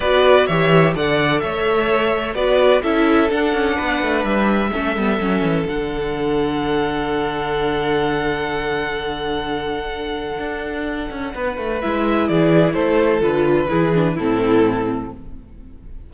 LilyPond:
<<
  \new Staff \with { instrumentName = "violin" } { \time 4/4 \tempo 4 = 127 d''4 e''4 fis''4 e''4~ | e''4 d''4 e''4 fis''4~ | fis''4 e''2. | fis''1~ |
fis''1~ | fis''1~ | fis''4 e''4 d''4 c''4 | b'2 a'2 | }
  \new Staff \with { instrumentName = "violin" } { \time 4/4 b'4 cis''4 d''4 cis''4~ | cis''4 b'4 a'2 | b'2 a'2~ | a'1~ |
a'1~ | a'1 | b'2 gis'4 a'4~ | a'4 gis'4 e'2 | }
  \new Staff \with { instrumentName = "viola" } { \time 4/4 fis'4 g'4 a'2~ | a'4 fis'4 e'4 d'4~ | d'2 cis'8 b8 cis'4 | d'1~ |
d'1~ | d'1~ | d'4 e'2. | f'4 e'8 d'8 c'2 | }
  \new Staff \with { instrumentName = "cello" } { \time 4/4 b4 e4 d4 a4~ | a4 b4 cis'4 d'8 cis'8 | b8 a8 g4 a8 g8 fis8 e8 | d1~ |
d1~ | d2 d'4. cis'8 | b8 a8 gis4 e4 a4 | d4 e4 a,2 | }
>>